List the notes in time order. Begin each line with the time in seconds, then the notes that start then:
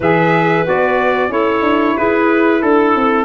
0.00 E3 G#4 B4 E5
0.64 B3 F#4 D5
1.28 C#4 E4 A4 C#5
1.61 D4
1.97 E4 G#4 B4
2.62 D4 A4
2.95 C4